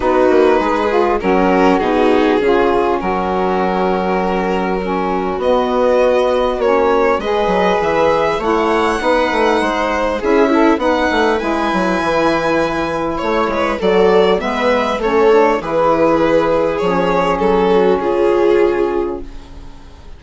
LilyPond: <<
  \new Staff \with { instrumentName = "violin" } { \time 4/4 \tempo 4 = 100 b'2 ais'4 gis'4~ | gis'4 ais'2.~ | ais'4 dis''2 cis''4 | dis''4 e''4 fis''2~ |
fis''4 e''4 fis''4 gis''4~ | gis''2 cis''4 d''4 | e''4 cis''4 b'2 | cis''4 a'4 gis'2 | }
  \new Staff \with { instrumentName = "viola" } { \time 4/4 fis'4 gis'4 cis'4 dis'4 | cis'1 | fis'1 | b'2 cis''4 b'4 |
c''4 gis'8 e'8 b'2~ | b'2 cis''8 b'8 a'4 | b'4 a'4 gis'2~ | gis'4. fis'8 f'2 | }
  \new Staff \with { instrumentName = "saxophone" } { \time 4/4 dis'4. f'8 fis'2 | f'4 fis'2. | cis'4 b2 cis'4 | gis'2 e'4 dis'4~ |
dis'4 e'8 a'8 dis'4 e'4~ | e'2. fis'4 | b4 cis'8 d'8 e'2 | cis'1 | }
  \new Staff \with { instrumentName = "bassoon" } { \time 4/4 b8 ais8 gis4 fis4 b,4 | cis4 fis2.~ | fis4 b2 ais4 | gis8 fis8 e4 a4 b8 a8 |
gis4 cis'4 b8 a8 gis8 fis8 | e2 a8 gis8 fis4 | gis4 a4 e2 | f4 fis4 cis2 | }
>>